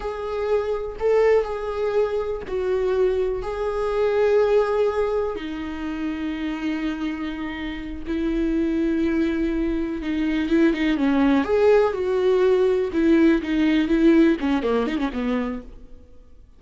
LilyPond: \new Staff \with { instrumentName = "viola" } { \time 4/4 \tempo 4 = 123 gis'2 a'4 gis'4~ | gis'4 fis'2 gis'4~ | gis'2. dis'4~ | dis'1~ |
dis'8 e'2.~ e'8~ | e'8 dis'4 e'8 dis'8 cis'4 gis'8~ | gis'8 fis'2 e'4 dis'8~ | dis'8 e'4 cis'8 ais8 dis'16 cis'16 b4 | }